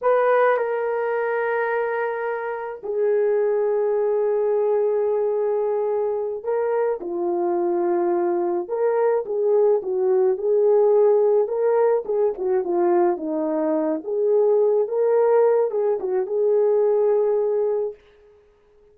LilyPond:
\new Staff \with { instrumentName = "horn" } { \time 4/4 \tempo 4 = 107 b'4 ais'2.~ | ais'4 gis'2.~ | gis'2.~ gis'8 ais'8~ | ais'8 f'2. ais'8~ |
ais'8 gis'4 fis'4 gis'4.~ | gis'8 ais'4 gis'8 fis'8 f'4 dis'8~ | dis'4 gis'4. ais'4. | gis'8 fis'8 gis'2. | }